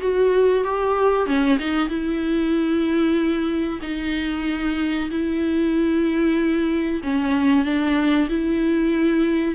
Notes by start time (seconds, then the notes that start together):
0.00 F#4
0.64 G4
1.26 C#4
1.58 D#4
1.88 E4
3.82 D#4
5.10 E4
7.03 C#4
7.64 D4
8.29 E4